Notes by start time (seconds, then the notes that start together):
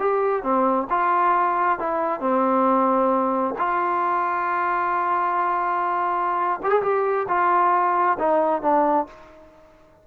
0.00 G4
0.43 C4
0.90 F4
1.79 E4
2.21 C4
3.58 F4
6.64 G4
6.71 G#4
6.83 G4
7.29 F4
8.19 D#4
8.62 D4